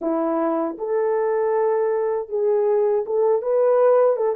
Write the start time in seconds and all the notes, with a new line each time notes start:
0.01 E4
0.78 A4
2.28 G#4
3.06 A4
3.42 B4
4.16 A4